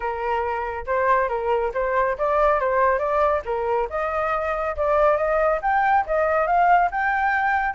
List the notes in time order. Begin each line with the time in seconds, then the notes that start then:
0.00 A#4
0.86 C5
1.29 A#4
1.73 C5
2.18 D5
2.59 C5
2.98 D5
3.45 A#4
3.89 D#5
4.76 D5
5.17 D#5
5.62 G5
6.06 D#5
6.46 F5
6.91 G5